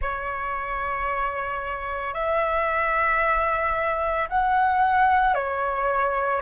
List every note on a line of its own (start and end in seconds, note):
0.01 2.14 C#5
2.14 4.28 E5
4.29 5.34 F#5
5.34 6.41 C#5